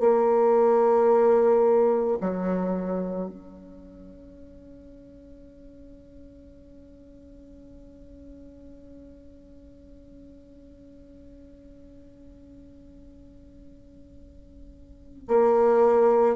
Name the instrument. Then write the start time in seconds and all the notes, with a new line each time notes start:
bassoon
0.00 A#3
2.21 F#3
3.29 C#4
15.28 A#3